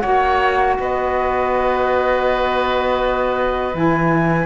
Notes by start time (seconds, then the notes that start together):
0.00 A#3 F#4 C#5 F#5
0.79 B3 B4 D#5
3.74 E3 E4 G#5